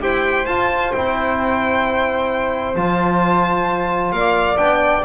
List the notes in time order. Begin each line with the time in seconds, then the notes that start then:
0.00 E4 G4 C5 G5
0.46 F4 A5
0.92 C4 E4 G5
2.75 F3 F4 A5
4.12 A#3 D5 F5
4.57 B3 D4 G5